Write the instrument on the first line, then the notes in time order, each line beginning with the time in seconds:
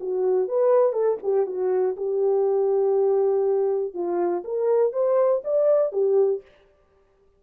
horn
0.00 F#4
0.48 B4
0.93 A4
1.22 G4
1.46 F#4
1.97 G4
3.94 F4
4.44 A#4
4.92 C5
5.44 D5
5.92 G4